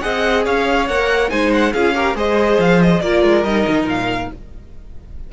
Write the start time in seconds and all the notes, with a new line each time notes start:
0.00 C4 G#4 D#5 F#5
0.44 C#4 C#5 F5
0.87 A#3 A#4 F#5
1.29 G#3 D#4 C5 G#5
1.53 F#5
1.73 C#4 F4 G#4 F5
1.95 G4 A#4
2.14 G#3 G#4 C5 D#5
2.58 F3 F5
2.82 D#5
3.01 A#3 F4 A#4 D5
3.23 G#3
3.43 G3 D#4 D#5
3.68 D#3
3.84 A#2 F5